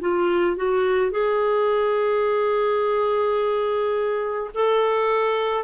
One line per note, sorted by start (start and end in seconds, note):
0.00 0.56 F4
0.56 1.11 F#4
1.11 4.50 G#4
4.54 5.63 A4